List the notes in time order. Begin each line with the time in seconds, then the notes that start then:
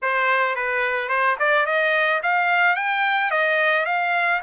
0.02 C5
0.55 B4
1.08 C5
1.39 D5
1.66 D#5
2.22 F5
2.75 G5
3.30 D#5
3.85 F5